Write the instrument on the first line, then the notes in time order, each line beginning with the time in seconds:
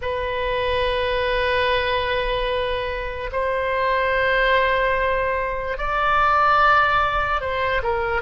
oboe
0.01 B4
3.31 C5
5.77 D5
7.40 C5
7.82 A#4